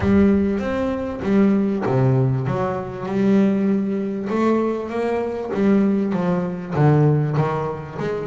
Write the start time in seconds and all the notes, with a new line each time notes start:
0.00 G3
0.59 C4
1.22 G3
1.85 C3
2.47 F#3
3.06 G3
4.29 A3
4.89 A#3
5.53 G3
6.13 F3
6.74 D3
7.36 D#3
7.99 G#3